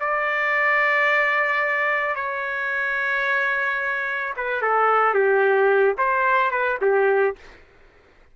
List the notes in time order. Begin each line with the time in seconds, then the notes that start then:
0.00 D5
2.15 C#5
4.37 B4
4.62 A4
5.14 G4
5.98 C5
6.51 B4
6.82 G4